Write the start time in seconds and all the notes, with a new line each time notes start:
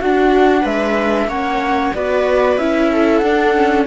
0.00 D4 F#4 F#5
0.62 G#3 B4 E5
1.27 A#3 C#4 C#5 F#5
1.94 B3 F#4 B4 D5
2.58 C#4 E4 E5
2.92 A4
3.18 D4 F#5
3.55 C#4